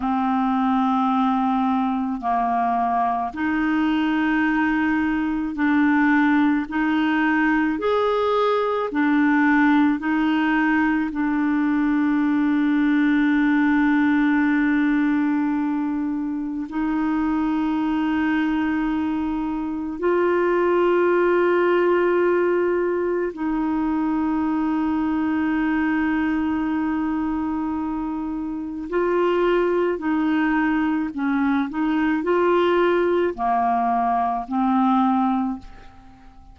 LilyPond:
\new Staff \with { instrumentName = "clarinet" } { \time 4/4 \tempo 4 = 54 c'2 ais4 dis'4~ | dis'4 d'4 dis'4 gis'4 | d'4 dis'4 d'2~ | d'2. dis'4~ |
dis'2 f'2~ | f'4 dis'2.~ | dis'2 f'4 dis'4 | cis'8 dis'8 f'4 ais4 c'4 | }